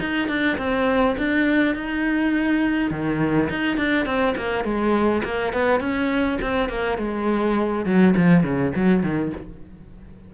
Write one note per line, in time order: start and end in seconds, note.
0.00 0.28 D#4
0.28 0.57 D4
0.58 1.16 C4
1.18 1.75 D4
1.75 2.91 D#4
2.91 3.49 D#3
3.50 3.77 D#4
3.77 4.06 D4
4.06 4.35 C4
4.37 4.64 A#3
4.64 5.22 G#3
5.24 5.53 A#3
5.53 5.80 B3
5.80 6.39 C#4
6.42 6.69 C4
6.69 6.98 A#3
6.98 7.85 G#3
7.85 8.14 F#3
8.17 8.43 F3
8.43 8.72 C#3
8.75 9.03 F#3
9.03 9.32 D#3